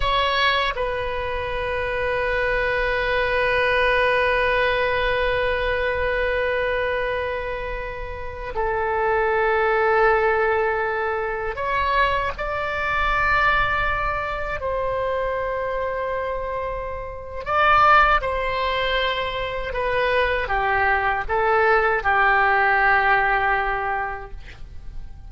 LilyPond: \new Staff \with { instrumentName = "oboe" } { \time 4/4 \tempo 4 = 79 cis''4 b'2.~ | b'1~ | b'2.~ b'16 a'8.~ | a'2.~ a'16 cis''8.~ |
cis''16 d''2. c''8.~ | c''2. d''4 | c''2 b'4 g'4 | a'4 g'2. | }